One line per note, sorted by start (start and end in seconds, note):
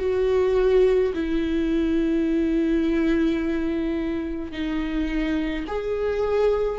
0.00 1.13 F#4
1.14 4.52 E4
4.52 5.66 D#4
5.68 6.79 G#4